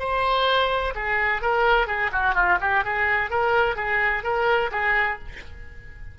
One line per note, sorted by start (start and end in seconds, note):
0.00 0.94 C5
0.96 1.42 G#4
1.42 1.88 A#4
1.88 2.11 G#4
2.13 2.35 F#4
2.35 2.59 F4
2.61 2.85 G4
2.85 3.31 G#4
3.31 3.76 A#4
3.76 4.24 G#4
4.24 4.71 A#4
4.72 5.19 G#4